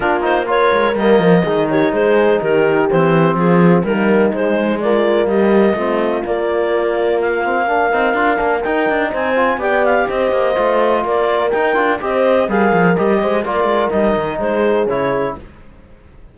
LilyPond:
<<
  \new Staff \with { instrumentName = "clarinet" } { \time 4/4 \tempo 4 = 125 ais'8 c''8 cis''4 dis''4. cis''8 | c''4 ais'4 c''4 gis'4 | ais'4 c''4 d''4 dis''4~ | dis''4 d''2 f''4~ |
f''2 g''4 gis''4 | g''8 f''8 dis''2 d''4 | g''4 dis''4 f''4 dis''4 | d''4 dis''4 c''4 cis''4 | }
  \new Staff \with { instrumentName = "horn" } { \time 4/4 f'4 ais'2 gis'8 g'8 | gis'4 g'2 f'4 | dis'2 f'4 g'4 | f'1 |
ais'2. c''4 | d''4 c''2 ais'4~ | ais'4 c''4 ais'4. c''8 | ais'2 gis'2 | }
  \new Staff \with { instrumentName = "trombone" } { \time 4/4 d'8 dis'8 f'4 ais4 dis'4~ | dis'2 c'2 | ais4 gis4 ais2 | c'4 ais2~ ais8 c'8 |
d'8 dis'8 f'8 d'8 dis'4. f'8 | g'2 f'2 | dis'8 f'8 g'4 gis'4 g'4 | f'4 dis'2 e'4 | }
  \new Staff \with { instrumentName = "cello" } { \time 4/4 ais4. gis8 g8 f8 dis4 | gis4 dis4 e4 f4 | g4 gis2 g4 | a4 ais2.~ |
ais8 c'8 d'8 ais8 dis'8 d'8 c'4 | b4 c'8 ais8 a4 ais4 | dis'8 d'8 c'4 g8 f8 g8 gis8 | ais8 gis8 g8 dis8 gis4 cis4 | }
>>